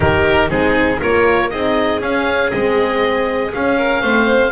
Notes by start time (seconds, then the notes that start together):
0.00 D#3 D#4 G4 A#4
0.49 G#3 C4 D#4 G#4
0.99 A#3 F4 A#4 C#5
1.50 C4 D#4 G#4 D#5
2.01 C#4 F5
2.50 G#3 C4 D#5
3.53 C#4 F5
3.77 A#4
4.01 A3 C4 C5